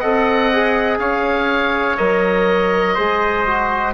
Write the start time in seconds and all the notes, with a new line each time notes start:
0.00 C4 A4 D#5 F#5
0.53 G#4
0.99 C#4 C#5 F5
1.97 F#3 A#4 D#5
2.95 G#3 G#4 C5
3.47 F#4